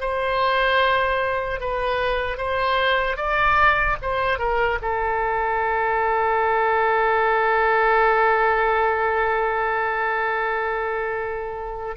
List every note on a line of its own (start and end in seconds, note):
0.00 1.60 C5
1.60 2.37 B4
2.37 3.17 C5
3.17 3.97 D5
4.01 4.39 C5
4.39 4.79 A#4
4.81 11.96 A4